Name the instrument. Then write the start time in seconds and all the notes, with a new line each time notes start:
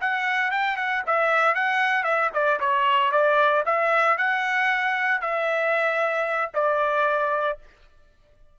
trumpet
0.00 F#5
0.51 G5
0.76 F#5
1.06 E5
1.54 F#5
2.03 E5
2.33 D5
2.60 C#5
3.11 D5
3.65 E5
4.17 F#5
5.21 E5
6.54 D5